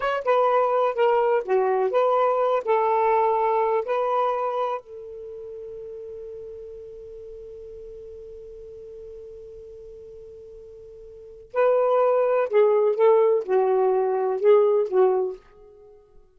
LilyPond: \new Staff \with { instrumentName = "saxophone" } { \time 4/4 \tempo 4 = 125 cis''8 b'4. ais'4 fis'4 | b'4. a'2~ a'8 | b'2 a'2~ | a'1~ |
a'1~ | a'1 | b'2 gis'4 a'4 | fis'2 gis'4 fis'4 | }